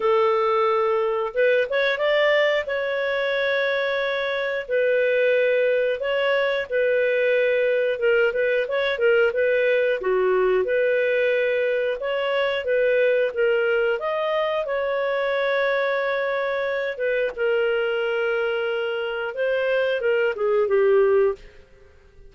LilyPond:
\new Staff \with { instrumentName = "clarinet" } { \time 4/4 \tempo 4 = 90 a'2 b'8 cis''8 d''4 | cis''2. b'4~ | b'4 cis''4 b'2 | ais'8 b'8 cis''8 ais'8 b'4 fis'4 |
b'2 cis''4 b'4 | ais'4 dis''4 cis''2~ | cis''4. b'8 ais'2~ | ais'4 c''4 ais'8 gis'8 g'4 | }